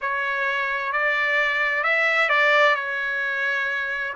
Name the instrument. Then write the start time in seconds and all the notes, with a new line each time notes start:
trumpet
0.01 C#5
0.92 D5
1.83 E5
2.29 D5
2.75 C#5